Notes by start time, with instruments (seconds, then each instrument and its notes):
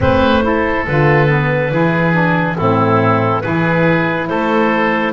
0.00 double bass A3, saxophone C4, oboe B4, clarinet C5
0.42 saxophone E4, oboe A4
0.86 double bass D3, saxophone F4, clarinet B4
1.27 saxophone B3
1.70 double bass E3, saxophone E4, oboe G#4
2.11 saxophone D4
2.57 double bass A2, saxophone C4, oboe E4, clarinet A4
3.41 double bass E3, saxophone E4, oboe G#4, clarinet B4
4.27 double bass A3, oboe A4, clarinet C5